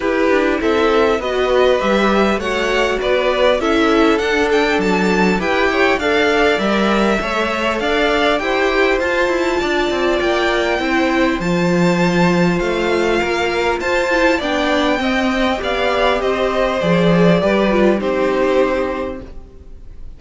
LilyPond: <<
  \new Staff \with { instrumentName = "violin" } { \time 4/4 \tempo 4 = 100 b'4 e''4 dis''4 e''4 | fis''4 d''4 e''4 fis''8 g''8 | a''4 g''4 f''4 e''4~ | e''4 f''4 g''4 a''4~ |
a''4 g''2 a''4~ | a''4 f''2 a''4 | g''2 f''4 dis''4 | d''2 c''2 | }
  \new Staff \with { instrumentName = "violin" } { \time 4/4 g'4 a'4 b'2 | cis''4 b'4 a'2~ | a'4 b'8 cis''8 d''2 | cis''4 d''4 c''2 |
d''2 c''2~ | c''2 ais'4 c''4 | d''4 dis''4 d''4 c''4~ | c''4 b'4 g'2 | }
  \new Staff \with { instrumentName = "viola" } { \time 4/4 e'2 fis'4 g'4 | fis'2 e'4 d'4~ | d'4 g'4 a'4 ais'4 | a'2 g'4 f'4~ |
f'2 e'4 f'4~ | f'2.~ f'8 e'8 | d'4 c'4 g'2 | gis'4 g'8 f'8 dis'2 | }
  \new Staff \with { instrumentName = "cello" } { \time 4/4 e'8 d'8 c'4 b4 g4 | a4 b4 cis'4 d'4 | fis4 e'4 d'4 g4 | a4 d'4 e'4 f'8 e'8 |
d'8 c'8 ais4 c'4 f4~ | f4 a4 ais4 f'4 | b4 c'4 b4 c'4 | f4 g4 c'2 | }
>>